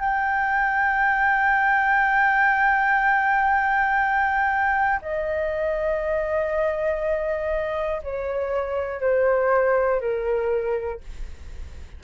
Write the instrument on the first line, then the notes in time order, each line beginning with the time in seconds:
flute
0.00 G5
5.01 D#5
8.03 C#5
9.00 C5
10.01 A#4